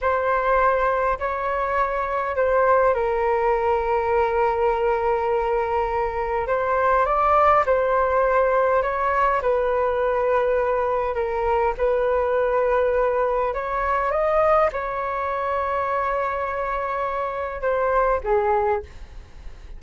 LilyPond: \new Staff \with { instrumentName = "flute" } { \time 4/4 \tempo 4 = 102 c''2 cis''2 | c''4 ais'2.~ | ais'2. c''4 | d''4 c''2 cis''4 |
b'2. ais'4 | b'2. cis''4 | dis''4 cis''2.~ | cis''2 c''4 gis'4 | }